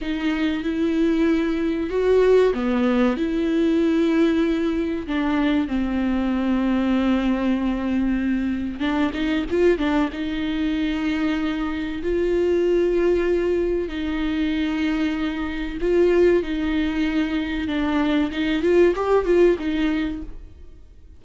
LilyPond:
\new Staff \with { instrumentName = "viola" } { \time 4/4 \tempo 4 = 95 dis'4 e'2 fis'4 | b4 e'2. | d'4 c'2.~ | c'2 d'8 dis'8 f'8 d'8 |
dis'2. f'4~ | f'2 dis'2~ | dis'4 f'4 dis'2 | d'4 dis'8 f'8 g'8 f'8 dis'4 | }